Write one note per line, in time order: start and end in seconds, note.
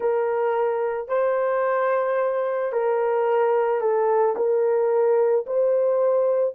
0.00 1.08 A#4
1.08 2.72 C5
2.72 3.80 A#4
3.80 4.35 A4
4.36 5.45 A#4
5.46 6.55 C5